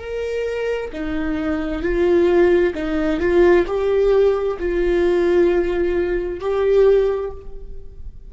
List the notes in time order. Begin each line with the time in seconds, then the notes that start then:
0.00 A#4
0.93 D#4
1.83 F4
2.75 D#4
3.20 F4
3.67 G4
4.60 F4
6.40 G4